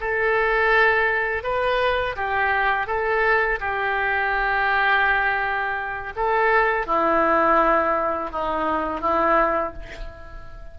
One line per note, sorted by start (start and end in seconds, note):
0.00 1.43 A4
1.43 2.15 B4
2.16 2.87 G4
2.87 3.59 A4
3.59 6.12 G4
6.15 6.86 A4
6.86 8.31 E4
8.31 9.00 D#4
9.00 9.73 E4